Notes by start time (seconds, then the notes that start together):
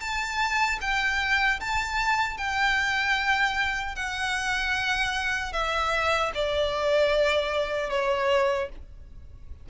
0.00 A5
0.81 G5
1.60 A5
2.37 G5
3.95 F#5
5.53 E5
6.34 D5
7.90 C#5